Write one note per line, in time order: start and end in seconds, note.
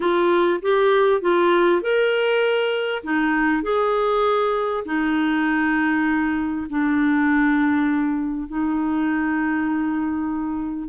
0.00 0.60 F4
0.62 1.21 G4
1.21 1.81 F4
1.81 3.02 A#4
3.03 3.63 D#4
3.63 4.84 G#4
4.85 6.67 D#4
6.69 8.48 D4
8.48 10.88 D#4